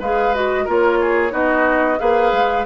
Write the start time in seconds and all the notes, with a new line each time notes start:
0.00 G#3 G#4 B4 F5
0.35 F#4 D#5
0.65 A#3 F4 A#4 C#5
1.01 G#4
1.31 B3 D#4 F#4 D#5
1.98 A#3 G#4 B4 F5
2.32 G#3